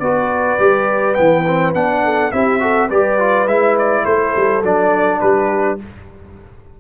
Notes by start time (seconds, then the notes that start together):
0.00 B3 F#4 B4 D5
0.59 G3 G4
1.15 E3 B3 G5
1.48 C4
1.75 B3 D4 F#5
2.04 A4
2.32 C4 E4 G4 E5
2.60 F#4 A4
2.89 G3 G4 B4 D5
3.20 F4
3.47 G#3 E4 E5
3.79 D5
4.05 A3 A4 C5
4.37 G3
4.63 F#3 D4 D5
5.21 G3 G4 B4